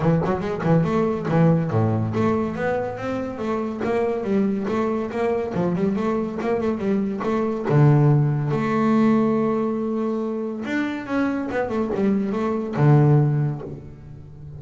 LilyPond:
\new Staff \with { instrumentName = "double bass" } { \time 4/4 \tempo 4 = 141 e8 fis8 gis8 e8 a4 e4 | a,4 a4 b4 c'4 | a4 ais4 g4 a4 | ais4 f8 g8 a4 ais8 a8 |
g4 a4 d2 | a1~ | a4 d'4 cis'4 b8 a8 | g4 a4 d2 | }